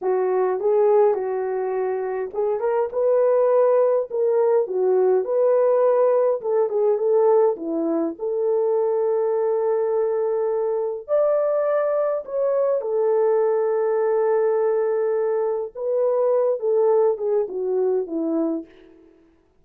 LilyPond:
\new Staff \with { instrumentName = "horn" } { \time 4/4 \tempo 4 = 103 fis'4 gis'4 fis'2 | gis'8 ais'8 b'2 ais'4 | fis'4 b'2 a'8 gis'8 | a'4 e'4 a'2~ |
a'2. d''4~ | d''4 cis''4 a'2~ | a'2. b'4~ | b'8 a'4 gis'8 fis'4 e'4 | }